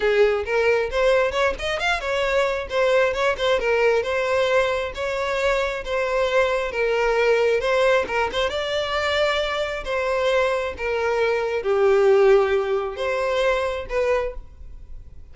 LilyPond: \new Staff \with { instrumentName = "violin" } { \time 4/4 \tempo 4 = 134 gis'4 ais'4 c''4 cis''8 dis''8 | f''8 cis''4. c''4 cis''8 c''8 | ais'4 c''2 cis''4~ | cis''4 c''2 ais'4~ |
ais'4 c''4 ais'8 c''8 d''4~ | d''2 c''2 | ais'2 g'2~ | g'4 c''2 b'4 | }